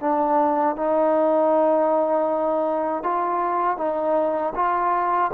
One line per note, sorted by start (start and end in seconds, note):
0.00 0.76 D4
0.76 3.03 D#4
3.03 3.77 F4
3.77 4.53 D#4
4.55 5.31 F4